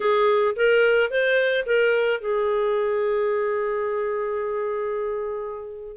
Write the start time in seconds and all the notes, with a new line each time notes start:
0.00 G#4
0.56 A#4
1.10 C5
1.66 A#4
2.20 G#4